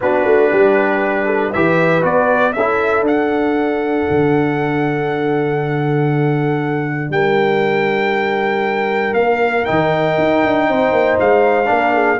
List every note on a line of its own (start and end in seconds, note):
0.00 0.24 B3
0.00 1.54 D4
0.00 0.50 F#4
0.00 1.52 B4
0.24 0.50 A3
0.50 1.54 G3
0.50 1.25 G4
1.25 1.51 A4
1.52 2.03 E3
1.52 2.01 G4
1.52 2.55 B4
1.52 2.03 E5
2.01 2.54 B3
2.01 2.52 F#4
2.01 2.52 D5
2.52 3.01 C#4
2.52 7.12 A4
2.52 3.03 E5
2.59 3.06 E4
3.01 4.03 D4
3.01 9.66 D4
3.01 7.11 F#5
4.10 7.09 D3
7.09 9.13 G3
7.09 10.69 A#4
7.09 9.14 G5
9.13 9.64 A#3
9.13 9.64 F5
9.64 10.17 D#3
9.64 11.65 D#4
9.64 11.17 G5
10.17 10.43 D#4
10.43 10.68 D4
10.68 10.92 C4
10.68 11.69 C5
10.92 11.17 A#3
11.19 11.69 G#3
11.19 12.19 F5
11.65 12.19 A#3
11.65 12.15 D4
11.65 11.94 A#4
11.94 12.19 G#4